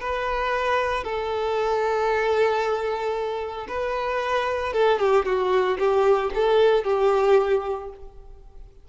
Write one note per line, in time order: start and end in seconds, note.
0.00 1.04 B4
1.04 3.67 A4
3.68 4.73 B4
4.73 4.99 A4
4.99 5.25 G4
5.25 5.78 F#4
5.78 6.31 G4
6.35 6.84 A4
6.84 7.89 G4